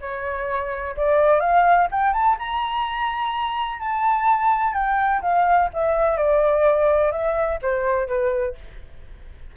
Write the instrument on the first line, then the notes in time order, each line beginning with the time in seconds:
flute
0.00 C#5
0.96 D5
1.40 F5
1.91 G5
2.13 A5
2.38 A#5
3.79 A5
4.73 G5
5.21 F5
5.73 E5
6.17 D5
7.11 E5
7.62 C5
8.07 B4